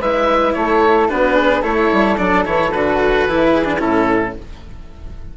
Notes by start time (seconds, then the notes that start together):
0.00 G#3 E4 B4 E5
0.54 A3 A4 C#5
1.09 B3 D4 F#4 B4
1.35 G#4
1.62 A3 E4 A4 C#5
1.93 G3
2.18 F#3 D4 D5
2.45 E3 E4 C#5
2.72 D3 F#4 B4
3.27 E3 E4
3.52 G#4
3.65 D4
3.78 A2 C#4 E4 A4